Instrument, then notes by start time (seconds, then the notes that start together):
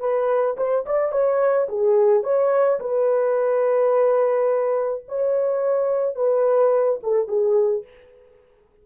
horn
0.00 B4
0.57 C5
0.86 D5
1.12 C#5
1.69 G#4
2.24 C#5
2.80 B4
5.08 C#5
6.16 B4
7.03 A4
7.28 G#4